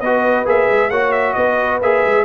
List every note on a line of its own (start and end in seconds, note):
0.00 0.45 B3
0.00 0.45 F#4
0.00 0.90 B4
0.00 0.45 D#5
0.45 0.68 A#3
0.45 0.90 G#4
0.45 0.90 E5
0.70 0.90 G#3
0.90 1.35 A#3
0.90 1.82 F#4
0.90 1.35 C#5
0.90 1.12 F#5
1.12 1.33 E5
1.33 1.81 B3
1.33 2.25 B4
1.33 1.78 D#5
1.81 2.03 A#3
1.81 2.25 G#4
1.81 2.25 E5
2.04 2.25 G#3